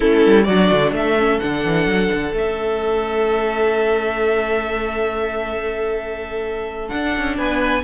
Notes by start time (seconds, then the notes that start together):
0.00 A3 C#4 E4 A4
0.26 G3
0.43 F#3 F#4 D5
0.50 D4
0.71 D3
0.92 A3 A4 E5
1.18 C#4
1.39 D3 D4 F#5
1.64 E3
1.86 F#3
2.13 D3
2.33 A3 C#4 E5
6.88 D4 F#5
7.17 C#4
7.36 B3 B4 G#5